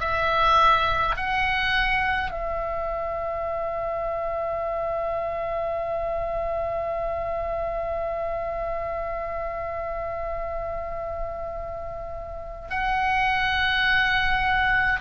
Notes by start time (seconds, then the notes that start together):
0.00 E5
1.16 F#5
2.31 E5
12.70 F#5